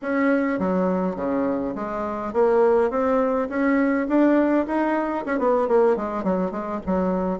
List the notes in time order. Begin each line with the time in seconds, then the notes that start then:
0.02 C#4
0.59 F#3
1.16 C#3
1.75 G#3
2.33 A#3
2.90 C4
3.49 C#4
4.08 D4
4.66 D#4
5.25 C#4
5.38 B3
5.67 A#3
5.96 G#3
6.23 F#3
6.51 G#3
6.86 F#3